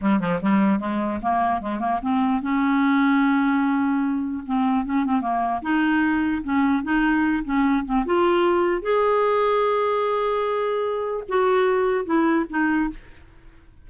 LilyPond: \new Staff \with { instrumentName = "clarinet" } { \time 4/4 \tempo 4 = 149 g8 f8 g4 gis4 ais4 | gis8 ais8 c'4 cis'2~ | cis'2. c'4 | cis'8 c'8 ais4 dis'2 |
cis'4 dis'4. cis'4 c'8 | f'2 gis'2~ | gis'1 | fis'2 e'4 dis'4 | }